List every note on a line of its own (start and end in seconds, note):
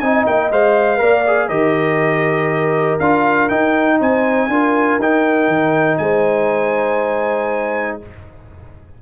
0.00 0.27 C4
0.00 0.52 D#4
0.00 1.01 D#5
0.00 0.25 G#5
0.27 0.51 A#3
0.27 0.52 G5
0.51 1.01 G#3
0.51 0.98 C5
0.51 1.49 F5
0.98 1.50 A#3
0.98 1.23 A#4
0.98 1.48 D5
1.28 1.50 G#4
1.48 3.00 D#3
1.48 3.00 G4
1.48 3.98 A#4
1.48 2.99 D#5
3.00 3.51 D4
3.00 3.50 F4
3.00 3.49 F5
3.49 4.50 D#4
3.49 4.01 D#4
3.49 3.99 G5
4.00 4.49 C4
4.00 4.50 C5
4.00 5.02 G#5
4.49 4.99 D4
4.49 5.00 F4
4.49 6.02 A#4
4.99 5.48 D#4
4.99 8.03 D#4
4.99 5.98 G5
5.48 5.98 D#3
5.98 7.99 G#3
5.98 8.03 C5
5.98 7.98 G#5